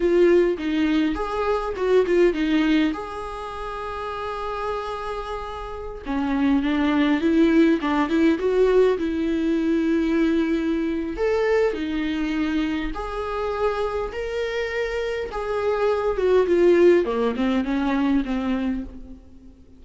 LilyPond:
\new Staff \with { instrumentName = "viola" } { \time 4/4 \tempo 4 = 102 f'4 dis'4 gis'4 fis'8 f'8 | dis'4 gis'2.~ | gis'2~ gis'16 cis'4 d'8.~ | d'16 e'4 d'8 e'8 fis'4 e'8.~ |
e'2. a'4 | dis'2 gis'2 | ais'2 gis'4. fis'8 | f'4 ais8 c'8 cis'4 c'4 | }